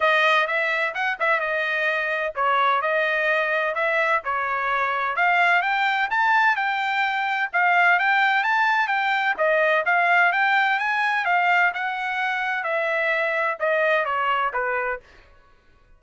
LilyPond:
\new Staff \with { instrumentName = "trumpet" } { \time 4/4 \tempo 4 = 128 dis''4 e''4 fis''8 e''8 dis''4~ | dis''4 cis''4 dis''2 | e''4 cis''2 f''4 | g''4 a''4 g''2 |
f''4 g''4 a''4 g''4 | dis''4 f''4 g''4 gis''4 | f''4 fis''2 e''4~ | e''4 dis''4 cis''4 b'4 | }